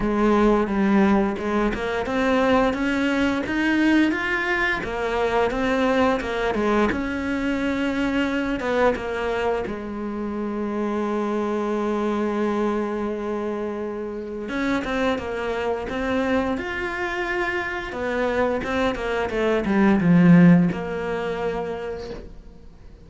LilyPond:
\new Staff \with { instrumentName = "cello" } { \time 4/4 \tempo 4 = 87 gis4 g4 gis8 ais8 c'4 | cis'4 dis'4 f'4 ais4 | c'4 ais8 gis8 cis'2~ | cis'8 b8 ais4 gis2~ |
gis1~ | gis4 cis'8 c'8 ais4 c'4 | f'2 b4 c'8 ais8 | a8 g8 f4 ais2 | }